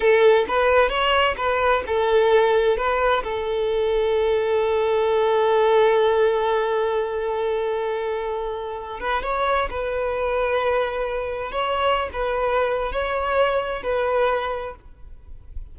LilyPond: \new Staff \with { instrumentName = "violin" } { \time 4/4 \tempo 4 = 130 a'4 b'4 cis''4 b'4 | a'2 b'4 a'4~ | a'1~ | a'1~ |
a'2.~ a'8 b'8 | cis''4 b'2.~ | b'4 cis''4~ cis''16 b'4.~ b'16 | cis''2 b'2 | }